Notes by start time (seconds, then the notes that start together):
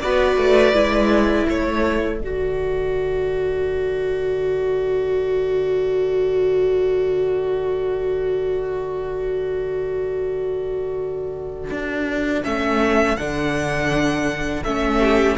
0.00 B3 F#4 B4 D5
0.37 A3
0.73 G#3 E4
1.49 A3 A4 C#5
2.20 D3 F#4 D5
11.71 D4
12.43 A3 C#4 E5
13.17 D3 D4 F#5
14.63 A3 C#4 E5
14.99 G4